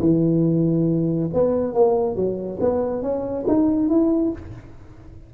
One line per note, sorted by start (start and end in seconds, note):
0.00 1.29 E3
1.33 1.74 B3
1.74 2.15 A#3
2.15 2.58 F#3
2.60 3.02 B3
3.02 3.46 C#4
3.48 3.89 D#4
3.89 4.32 E4